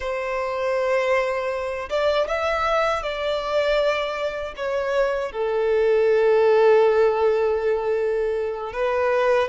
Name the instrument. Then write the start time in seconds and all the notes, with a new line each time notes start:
violin
0.00 C5
1.89 D5
2.27 E5
3.02 D5
4.56 C#5
5.32 A4
8.72 B4